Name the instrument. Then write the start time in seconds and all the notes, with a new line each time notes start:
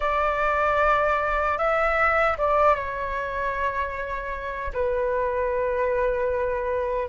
flute
0.00 D5
1.58 E5
2.37 D5
2.75 C#5
4.73 B4